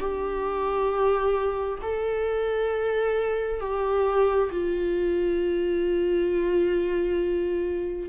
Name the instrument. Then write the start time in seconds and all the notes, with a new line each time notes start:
viola
0.00 G4
1.82 A4
3.61 G4
4.51 F4